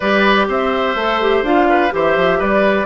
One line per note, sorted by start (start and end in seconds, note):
0.00 0.48 G3
0.00 0.97 G4
0.00 0.46 B4
0.00 0.47 D5
0.48 0.95 C4
0.48 1.68 C5
0.48 1.44 E5
0.95 1.42 A3
0.95 1.21 A4
1.21 1.45 G4
1.42 1.90 D4
1.42 1.90 F4
1.42 1.92 F5
1.69 1.93 B4
1.90 2.16 E3
1.90 2.85 G4
1.90 2.38 C5
1.90 2.41 E5
2.16 2.40 F3
2.38 2.85 G3
2.38 2.85 B4
2.38 2.85 D5